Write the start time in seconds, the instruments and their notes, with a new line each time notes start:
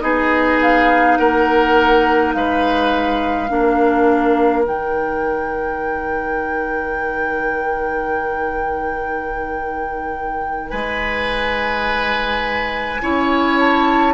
0.00 bassoon B3, clarinet D#4, oboe G#4, flute D#5
0.62 flute F5
1.17 bassoon A#3, oboe A#4, flute F#5
2.33 bassoon G#3, oboe B4, flute F5
3.49 bassoon A#3, clarinet D4, oboe A#4
4.64 bassoon D#3, clarinet D#4, flute G5
10.70 bassoon G#3, oboe B4, flute G#5
13.02 bassoon C#4, clarinet E4, oboe C#5
13.59 flute A5